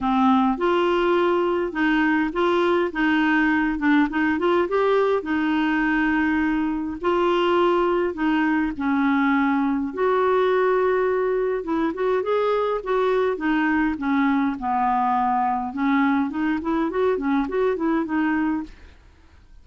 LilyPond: \new Staff \with { instrumentName = "clarinet" } { \time 4/4 \tempo 4 = 103 c'4 f'2 dis'4 | f'4 dis'4. d'8 dis'8 f'8 | g'4 dis'2. | f'2 dis'4 cis'4~ |
cis'4 fis'2. | e'8 fis'8 gis'4 fis'4 dis'4 | cis'4 b2 cis'4 | dis'8 e'8 fis'8 cis'8 fis'8 e'8 dis'4 | }